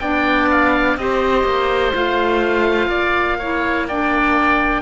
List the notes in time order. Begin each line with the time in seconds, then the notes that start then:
0.00 B3 D4 D5 G5
0.50 F5
0.97 C4 G4 C5 D#5
1.44 A#3
1.94 A3 F4 F5
2.88 A#3 D5
3.39 E4 C#5
3.88 D4 D5 G5